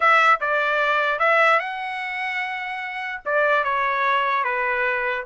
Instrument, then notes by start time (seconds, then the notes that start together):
trumpet
0.00 E5
0.40 D5
1.19 E5
1.59 F#5
3.25 D5
3.64 C#5
4.44 B4